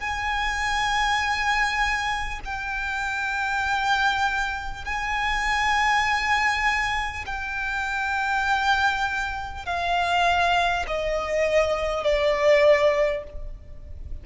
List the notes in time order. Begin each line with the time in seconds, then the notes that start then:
0.00 G#5
2.44 G5
4.84 G#5
7.26 G5
9.65 F5
10.87 D#5
12.03 D5